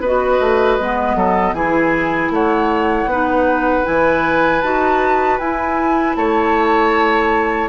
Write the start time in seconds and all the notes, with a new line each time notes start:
0.00 B3 F#4 B4 D#5
0.40 A3
0.79 G#3 B3
1.15 F#3 A4
1.53 E3 E4 G#4 G#5
2.30 A3 C#5 F#5
3.05 B3 D#4 B4
3.84 E3 E4 G#5
4.61 D#4 F#4 A5
5.38 E4 G#5
6.16 A3 C#5 A5